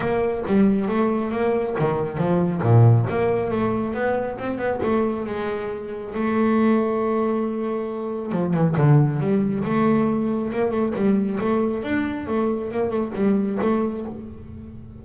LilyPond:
\new Staff \with { instrumentName = "double bass" } { \time 4/4 \tempo 4 = 137 ais4 g4 a4 ais4 | dis4 f4 ais,4 ais4 | a4 b4 c'8 b8 a4 | gis2 a2~ |
a2. f8 e8 | d4 g4 a2 | ais8 a8 g4 a4 d'4 | a4 ais8 a8 g4 a4 | }